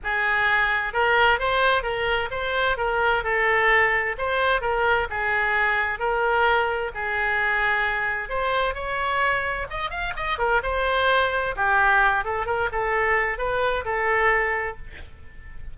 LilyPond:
\new Staff \with { instrumentName = "oboe" } { \time 4/4 \tempo 4 = 130 gis'2 ais'4 c''4 | ais'4 c''4 ais'4 a'4~ | a'4 c''4 ais'4 gis'4~ | gis'4 ais'2 gis'4~ |
gis'2 c''4 cis''4~ | cis''4 dis''8 f''8 dis''8 ais'8 c''4~ | c''4 g'4. a'8 ais'8 a'8~ | a'4 b'4 a'2 | }